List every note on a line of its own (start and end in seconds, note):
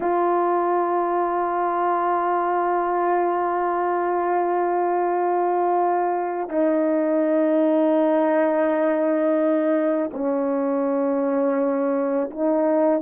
0.00 6.48 F4
6.48 10.10 D#4
10.13 12.30 C#4
12.31 13.01 D#4